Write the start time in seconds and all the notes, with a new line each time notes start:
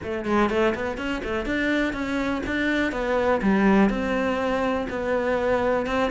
0.02 A3
0.25 G#3
0.49 A3
0.75 B3
0.97 C#4
1.24 A3
1.45 D4
1.93 C#4
2.46 D4
2.92 B3
3.41 G3
3.89 C4
4.89 B3
5.86 C4